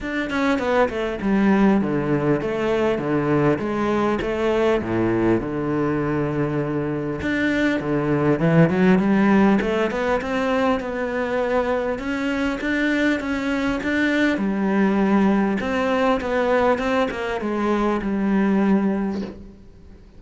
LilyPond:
\new Staff \with { instrumentName = "cello" } { \time 4/4 \tempo 4 = 100 d'8 cis'8 b8 a8 g4 d4 | a4 d4 gis4 a4 | a,4 d2. | d'4 d4 e8 fis8 g4 |
a8 b8 c'4 b2 | cis'4 d'4 cis'4 d'4 | g2 c'4 b4 | c'8 ais8 gis4 g2 | }